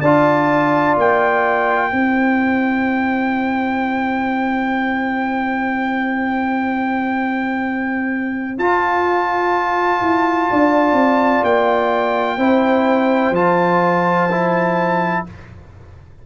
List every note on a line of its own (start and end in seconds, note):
0.00 0.95 D4
0.00 1.91 F4
0.00 1.89 D5
0.00 0.95 A5
0.96 1.91 A#3
0.96 8.58 G5
1.89 8.58 C4
1.89 8.57 E4
1.89 10.47 C5
8.58 10.01 F4
8.58 12.38 F4
8.58 11.44 A5
10.01 10.49 E4
10.50 10.92 D4
10.50 12.37 D5
10.92 11.40 C4
11.43 12.37 A#3
11.43 13.34 G5
12.37 13.30 C4
12.37 13.34 E4
12.37 15.23 C5
13.30 15.21 F3
13.30 14.30 F4
13.30 15.25 A5
14.31 15.26 E4